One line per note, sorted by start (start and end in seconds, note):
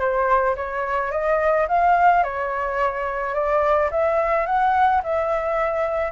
0.00 0.56 C5
0.56 1.12 C#5
1.12 1.67 D#5
1.68 2.23 F5
2.23 3.34 C#5
3.34 3.90 D5
3.91 4.46 E5
4.46 5.02 F#5
5.04 6.12 E5